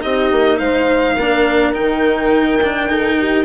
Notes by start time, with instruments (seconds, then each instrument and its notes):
0.00 bassoon C4, cello D#4, horn G4, violin D#5
0.31 bassoon A#3
0.58 bassoon G#3, horn C5, violin F5
1.15 bassoon A#3, cello D4, horn A#4
1.73 bassoon D#3, cello D#4, violin G5
2.62 cello D4
2.89 cello D#4, horn A4
3.19 horn G4